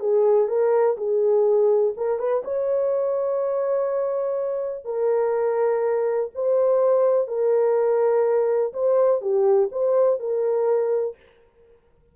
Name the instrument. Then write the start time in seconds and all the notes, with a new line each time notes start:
horn
0.00 G#4
0.48 A#4
0.97 G#4
1.97 A#4
2.19 B4
2.44 C#5
4.85 A#4
6.35 C5
7.28 A#4
8.73 C5
9.21 G4
9.71 C5
10.19 A#4